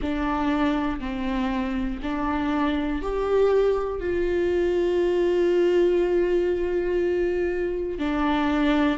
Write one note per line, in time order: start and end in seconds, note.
0.01 1.00 D4
1.00 2.00 C4
2.02 3.02 D4
3.02 4.00 G4
4.00 7.98 F4
7.98 8.98 D4